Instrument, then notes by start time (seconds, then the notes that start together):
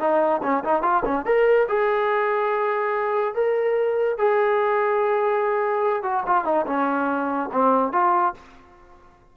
trombone
0.00 D#4
0.43 C#4
0.64 D#4
0.83 F4
1.05 C#4
1.26 A#4
1.69 G#4
3.35 A#4
4.19 G#4
6.03 F#4
6.27 F4
6.45 D#4
6.67 C#4
7.53 C4
7.93 F4